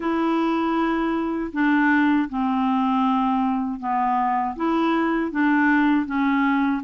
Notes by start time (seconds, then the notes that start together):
0.00 E4
1.53 D4
2.29 C4
3.79 B3
4.56 E4
5.31 D4
6.06 C#4